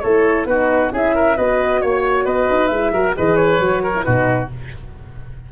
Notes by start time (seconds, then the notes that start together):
0.00 A3 E4 A4 C#5
0.46 B3 D#4 F#4 B4
0.92 C#4 E4 G#4 E5
1.15 A#4
1.36 B3 F#4 B4 D#5
1.81 A#3 C#5
2.25 B3 B4 D#5
2.50 D#4
2.68 G#3 E5
2.74 E4
2.91 F#3 F#4 A#4
3.16 E3 G#4 B4 D#5
3.36 C#5
3.59 F#3 F#4
3.83 A#4
3.95 E4
4.03 B2 D#4 F#4 B4